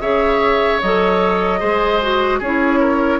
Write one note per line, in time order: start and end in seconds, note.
0.00 0.80 C#3
0.00 0.81 G#4
0.00 1.60 C#5
0.00 0.80 E5
0.81 1.62 F#3
0.81 1.59 A4
0.81 2.41 D#5
1.59 2.40 G#3
1.59 1.99 G#4
1.59 2.39 C5
2.02 2.42 F#4
2.39 3.19 C#4
2.39 3.19 E4
2.39 2.79 G#4
2.39 3.19 C#5
2.80 3.19 A#4